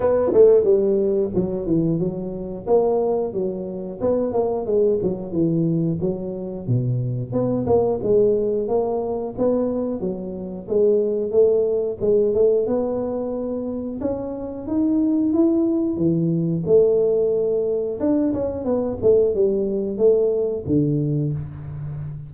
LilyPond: \new Staff \with { instrumentName = "tuba" } { \time 4/4 \tempo 4 = 90 b8 a8 g4 fis8 e8 fis4 | ais4 fis4 b8 ais8 gis8 fis8 | e4 fis4 b,4 b8 ais8 | gis4 ais4 b4 fis4 |
gis4 a4 gis8 a8 b4~ | b4 cis'4 dis'4 e'4 | e4 a2 d'8 cis'8 | b8 a8 g4 a4 d4 | }